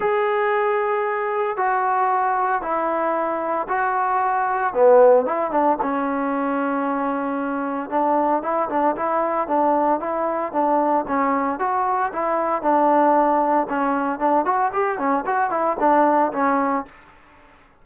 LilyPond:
\new Staff \with { instrumentName = "trombone" } { \time 4/4 \tempo 4 = 114 gis'2. fis'4~ | fis'4 e'2 fis'4~ | fis'4 b4 e'8 d'8 cis'4~ | cis'2. d'4 |
e'8 d'8 e'4 d'4 e'4 | d'4 cis'4 fis'4 e'4 | d'2 cis'4 d'8 fis'8 | g'8 cis'8 fis'8 e'8 d'4 cis'4 | }